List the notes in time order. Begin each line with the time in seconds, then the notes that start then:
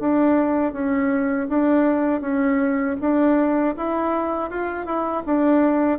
0.00 D4
0.73 C#4
1.49 D4
2.21 C#4
3.01 D4
3.77 E4
4.50 F4
4.86 E4
5.26 D4